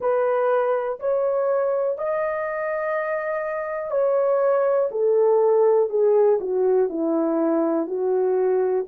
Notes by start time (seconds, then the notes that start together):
0.00 B4
0.99 C#5
1.98 D#5
3.90 C#5
4.91 A4
5.89 G#4
6.40 F#4
6.89 E4
7.86 F#4